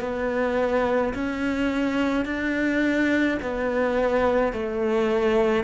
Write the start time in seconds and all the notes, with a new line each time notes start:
0.00 B3
1.14 C#4
2.25 D4
3.42 B3
4.52 A3